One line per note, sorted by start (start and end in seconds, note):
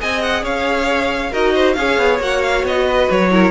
0.00 0.43 C4
0.00 1.32 G#4
0.00 0.43 D#5
0.00 0.22 G#5
0.22 0.44 F#5
0.43 1.32 C#4
0.43 1.31 C#5
0.43 1.33 F5
1.31 1.77 D#4
1.31 1.77 F#4
1.31 1.53 A#4
1.31 1.73 D#5
1.54 1.76 C5
1.73 1.97 C#4
1.73 2.21 G#4
1.73 2.86 C#5
1.73 2.17 F5
1.97 2.19 B3
2.20 2.63 A#3
2.20 3.31 F#4
2.20 2.42 F#5
2.42 2.65 F5
2.63 3.07 B3
2.63 3.11 D#5
2.86 3.30 B4
3.11 3.51 F#3
3.11 3.51 C#5
3.31 3.51 E4
3.31 3.51 A#4